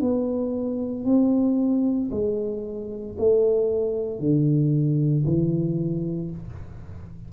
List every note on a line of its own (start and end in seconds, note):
0.00 1.04 B3
1.04 2.10 C4
2.11 3.16 G#3
3.18 4.19 A3
4.19 5.24 D3
5.25 6.31 E3